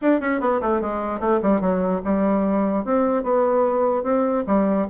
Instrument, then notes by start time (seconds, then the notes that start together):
bassoon
0.01 D4
0.20 C#4
0.40 B3
0.61 A3
0.81 G#3
1.19 A3
1.42 G3
1.60 F#3
2.04 G3
2.85 C4
3.23 B3
4.03 C4
4.46 G3